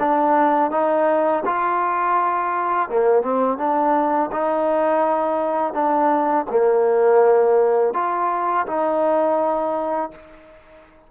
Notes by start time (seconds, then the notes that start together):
0.00 D4
0.71 D#4
1.46 F4
2.90 A#3
3.23 C4
3.58 D4
4.32 D#4
5.74 D4
6.51 A#3
7.94 F4
8.67 D#4